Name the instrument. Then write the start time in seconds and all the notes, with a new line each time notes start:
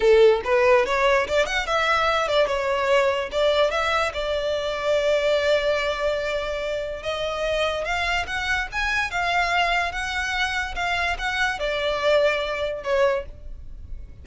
violin
0.00 A4
0.44 B4
0.85 C#5
1.27 D5
1.45 F#5
1.66 E5
2.27 D5
2.47 C#5
3.31 D5
3.71 E5
4.13 D5
7.03 D#5
7.84 F5
8.26 F#5
8.72 G#5
9.10 F5
9.92 F#5
10.75 F5
11.18 F#5
11.59 D5
12.83 C#5